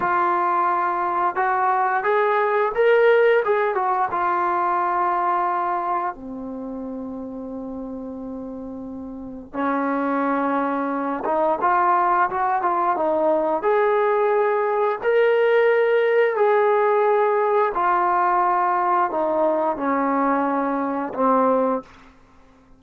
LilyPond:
\new Staff \with { instrumentName = "trombone" } { \time 4/4 \tempo 4 = 88 f'2 fis'4 gis'4 | ais'4 gis'8 fis'8 f'2~ | f'4 c'2.~ | c'2 cis'2~ |
cis'8 dis'8 f'4 fis'8 f'8 dis'4 | gis'2 ais'2 | gis'2 f'2 | dis'4 cis'2 c'4 | }